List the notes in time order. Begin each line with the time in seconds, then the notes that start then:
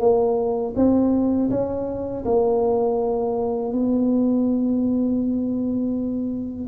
0.00 A#3
0.76 C4
1.50 C#4
2.25 A#3
3.73 B3